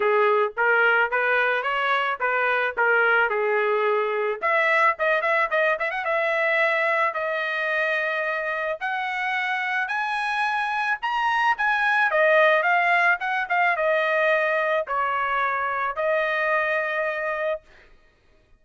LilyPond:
\new Staff \with { instrumentName = "trumpet" } { \time 4/4 \tempo 4 = 109 gis'4 ais'4 b'4 cis''4 | b'4 ais'4 gis'2 | e''4 dis''8 e''8 dis''8 e''16 fis''16 e''4~ | e''4 dis''2. |
fis''2 gis''2 | ais''4 gis''4 dis''4 f''4 | fis''8 f''8 dis''2 cis''4~ | cis''4 dis''2. | }